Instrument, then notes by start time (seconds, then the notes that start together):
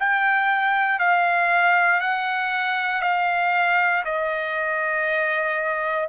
trumpet
0.00 G5
1.00 F5
2.01 F#5
3.02 F5
4.05 D#5